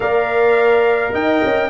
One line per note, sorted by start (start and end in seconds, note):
0.00 1.13 A#3
0.00 1.70 A#4
0.00 1.13 D5
0.00 1.14 F5
1.13 1.42 D#4
1.13 1.70 D#5
1.13 1.70 G5
1.44 1.70 C#4